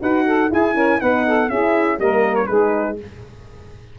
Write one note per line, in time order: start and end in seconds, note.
0.00 0.51 D#4
0.00 0.49 F#4
0.00 0.26 B4
0.00 0.52 F#5
0.26 0.50 A4
0.50 0.75 E4
0.50 1.01 E4
0.50 0.74 G#4
0.50 1.01 G#5
0.74 0.99 C#4
0.74 0.99 A#4
1.01 1.50 B3
1.01 1.50 D#4
1.01 1.26 B4
1.01 1.49 F#5
1.26 1.49 A4
1.49 1.99 C#4
1.49 1.99 E4
1.49 1.99 G#4
1.49 1.99 E5
1.99 2.48 G3
1.99 2.48 A#3
1.99 2.47 A#4
1.99 2.36 D#5
2.36 2.47 C#5
2.47 2.99 G#3
2.47 2.99 D#4
2.47 2.96 G#4
2.47 2.96 B4